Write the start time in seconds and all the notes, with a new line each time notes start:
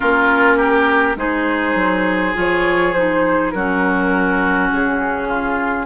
0.00 A#3 C#4 F4 A#4
0.57 G4
1.16 G#3 D#4 G#4 C5
1.75 F#3
2.34 F3 F4 C#5
2.93 D#4 C5
3.50 F#3 C#4 F#4 A#4
4.71 C#3 G#4
5.28 F4